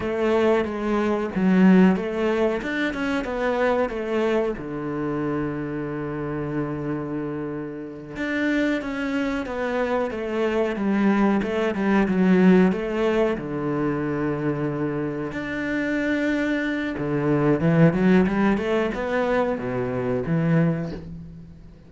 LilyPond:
\new Staff \with { instrumentName = "cello" } { \time 4/4 \tempo 4 = 92 a4 gis4 fis4 a4 | d'8 cis'8 b4 a4 d4~ | d1~ | d8 d'4 cis'4 b4 a8~ |
a8 g4 a8 g8 fis4 a8~ | a8 d2. d'8~ | d'2 d4 e8 fis8 | g8 a8 b4 b,4 e4 | }